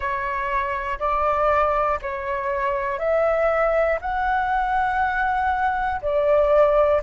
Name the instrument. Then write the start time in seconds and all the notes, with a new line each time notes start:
flute
0.00 C#5
0.99 D5
2.02 C#5
2.99 E5
4.00 F#5
6.01 D5